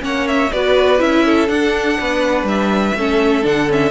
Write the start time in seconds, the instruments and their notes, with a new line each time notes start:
0.00 cello A#3, viola C#4, violin C#5 F#5
0.28 violin E5
0.52 cello B3, viola F#4, violin B4 D5
0.99 cello C#4, viola E4, violin E5
1.25 violin A4
1.47 viola D4, cello D4, violin F#5
2.00 cello B3, violin B4
2.43 cello G3, violin E5
2.95 cello A3, viola C#4, violin A4
3.43 cello D3, viola D4, violin F#5
3.69 viola C#4, violin E5